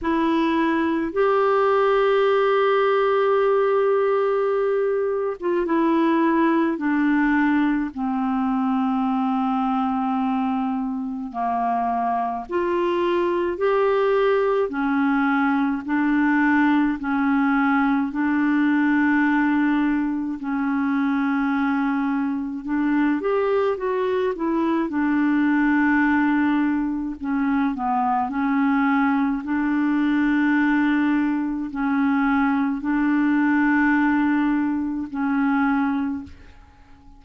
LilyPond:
\new Staff \with { instrumentName = "clarinet" } { \time 4/4 \tempo 4 = 53 e'4 g'2.~ | g'8. f'16 e'4 d'4 c'4~ | c'2 ais4 f'4 | g'4 cis'4 d'4 cis'4 |
d'2 cis'2 | d'8 g'8 fis'8 e'8 d'2 | cis'8 b8 cis'4 d'2 | cis'4 d'2 cis'4 | }